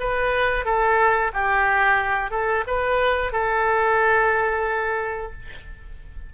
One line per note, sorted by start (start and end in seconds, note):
0.00 0.65 B4
0.65 1.32 A4
1.34 2.31 G4
2.31 2.65 A4
2.67 3.33 B4
3.33 5.33 A4